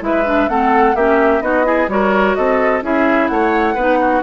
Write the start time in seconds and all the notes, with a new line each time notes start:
0.00 G#3 E4 B4 E5
0.25 D4
0.49 A3 C4 A4 F#5
0.95 A#3 C#4 G4 E5
1.41 B3 D#4 F#4 D#5
1.64 E4 G#4
1.88 G3 F#4 A#4 C#5
2.35 C4 A4 D#5
2.82 C#4 E4 G#4 E5
3.28 A3 C#5 F#5
3.75 B3 D#4 B4
4.01 F#4